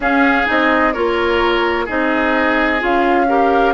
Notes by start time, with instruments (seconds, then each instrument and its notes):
0.00 bassoon C#4, clarinet C#4, oboe G#4, flute F5
0.46 bassoon C4, clarinet D#4, flute D#5
0.92 bassoon A#3, clarinet F4, oboe A#4, flute C#5
1.85 bassoon C4, clarinet D#4, oboe G#4, flute D#5
2.79 bassoon C#4, clarinet F4, flute F5
3.28 clarinet G4, oboe A#4